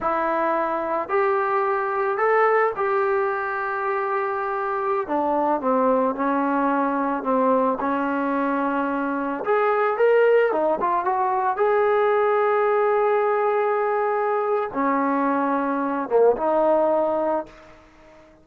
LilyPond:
\new Staff \with { instrumentName = "trombone" } { \time 4/4 \tempo 4 = 110 e'2 g'2 | a'4 g'2.~ | g'4~ g'16 d'4 c'4 cis'8.~ | cis'4~ cis'16 c'4 cis'4.~ cis'16~ |
cis'4~ cis'16 gis'4 ais'4 dis'8 f'16~ | f'16 fis'4 gis'2~ gis'8.~ | gis'2. cis'4~ | cis'4. ais8 dis'2 | }